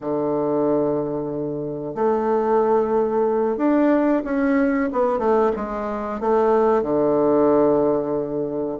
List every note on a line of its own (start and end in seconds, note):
0.00 1.94 D3
1.94 3.57 A3
3.57 4.22 D4
4.24 4.89 C#4
4.92 5.18 B3
5.18 5.51 A3
5.56 6.20 G#3
6.20 6.82 A3
6.82 8.78 D3